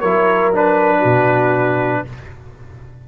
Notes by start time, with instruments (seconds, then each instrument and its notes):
0.00 tuba F#3, trombone E4, horn A#4, trumpet C#5
0.53 trombone D4, trumpet B4
0.99 tuba B2, horn F#4